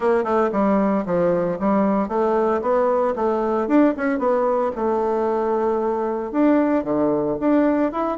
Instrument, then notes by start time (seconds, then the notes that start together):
bassoon
0.00 A#3
0.23 A3
0.52 G3
1.05 F3
1.59 G3
2.08 A3
2.61 B3
3.15 A3
3.67 D4
3.96 C#4
4.18 B3
4.75 A3
6.31 D4
6.84 D3
7.40 D4
7.91 E4